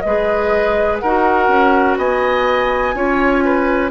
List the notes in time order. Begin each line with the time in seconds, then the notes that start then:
0.00 G#3 B4 D#5
0.06 G#4
0.99 D#4 A#4 F#5
1.05 F#4
1.48 C#4
1.97 B3 D#5 G#5
2.94 C#4 F4 C#5
3.44 B4